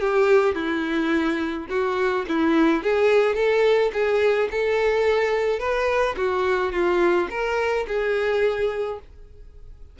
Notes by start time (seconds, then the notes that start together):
0.00 G4
0.55 E4
1.69 F#4
2.28 E4
2.83 G#4
3.35 A4
3.93 G#4
4.51 A4
5.59 B4
6.17 F#4
6.72 F4
7.30 A#4
7.87 G#4